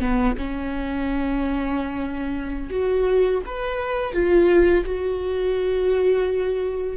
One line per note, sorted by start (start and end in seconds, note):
0.00 0.36 B3
0.38 2.70 C#4
2.70 3.41 F#4
3.45 4.13 B4
4.13 4.84 F4
4.85 6.97 F#4